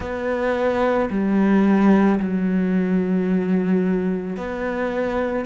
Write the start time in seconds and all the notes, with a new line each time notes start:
0.00 B3
1.10 G3
2.19 F#3
4.36 B3